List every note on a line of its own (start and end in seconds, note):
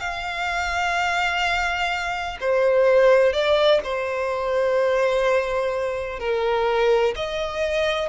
0.00 2.38 F5
2.41 3.33 C5
3.33 3.81 D5
3.84 6.19 C5
6.19 7.15 A#4
7.16 8.09 D#5